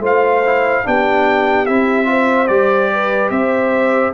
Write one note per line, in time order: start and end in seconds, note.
0.00 0.82 A3
0.00 0.43 F4
0.00 0.84 C5
0.00 0.87 F5
0.46 0.84 E4
0.84 1.69 B3
0.84 1.66 D4
0.84 2.10 G4
0.84 1.66 G5
1.66 2.49 C4
1.66 2.05 E4
1.66 2.47 E5
2.05 2.46 F4
2.05 2.92 C5
2.47 3.31 G3
2.47 4.13 G4
2.47 3.30 D5
2.92 3.32 B4
3.30 4.13 C4
3.30 4.14 C5
3.30 4.13 E5